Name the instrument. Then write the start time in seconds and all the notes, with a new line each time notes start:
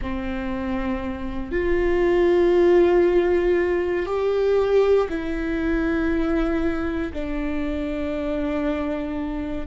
viola
0.01 C4
1.51 F4
4.06 G4
5.08 E4
7.13 D4